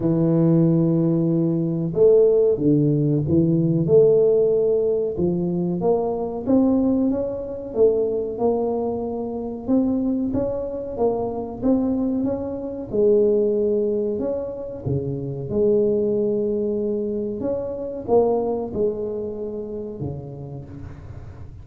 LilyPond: \new Staff \with { instrumentName = "tuba" } { \time 4/4 \tempo 4 = 93 e2. a4 | d4 e4 a2 | f4 ais4 c'4 cis'4 | a4 ais2 c'4 |
cis'4 ais4 c'4 cis'4 | gis2 cis'4 cis4 | gis2. cis'4 | ais4 gis2 cis4 | }